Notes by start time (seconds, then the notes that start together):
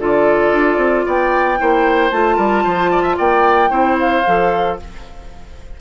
0.00 D3 F4 A4 D5
0.53 D4
0.78 C4
1.06 B3 D5 G5
1.58 A#3 E4 C5
2.11 A3 F4 A5
2.37 G3 A#4
2.64 F3 C5
2.91 D5
3.03 E5
3.18 A#3 D5 G5
3.70 C4 E4 C5
4.00 F5
4.27 F3 A4